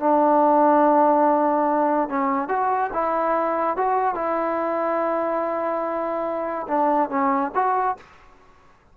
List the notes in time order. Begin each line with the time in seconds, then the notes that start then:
0.00 D4
2.09 C#4
2.49 F#4
2.94 E4
3.77 F#4
4.15 E4
6.68 D4
7.10 C#4
7.55 F#4